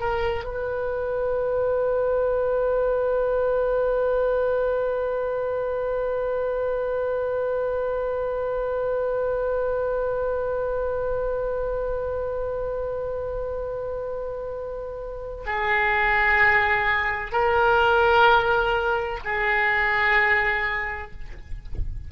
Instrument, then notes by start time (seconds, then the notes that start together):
oboe
0.00 A#4
0.45 B4
15.46 G#4
17.32 A#4
19.24 G#4